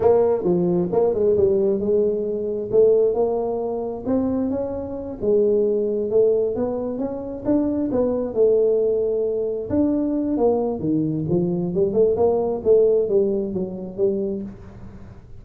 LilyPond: \new Staff \with { instrumentName = "tuba" } { \time 4/4 \tempo 4 = 133 ais4 f4 ais8 gis8 g4 | gis2 a4 ais4~ | ais4 c'4 cis'4. gis8~ | gis4. a4 b4 cis'8~ |
cis'8 d'4 b4 a4.~ | a4. d'4. ais4 | dis4 f4 g8 a8 ais4 | a4 g4 fis4 g4 | }